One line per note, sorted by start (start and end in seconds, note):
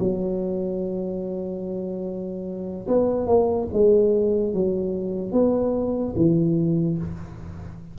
0.00 2.88 F#3
2.88 3.27 B3
3.27 3.68 A#3
3.73 4.54 G#3
4.54 5.32 F#3
5.32 6.15 B3
6.16 6.99 E3